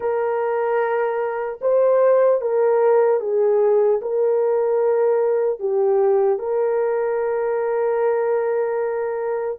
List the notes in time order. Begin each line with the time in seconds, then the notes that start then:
0.00 A#4
1.61 C5
2.41 A#4
3.20 G#4
4.01 A#4
5.59 G4
6.39 A#4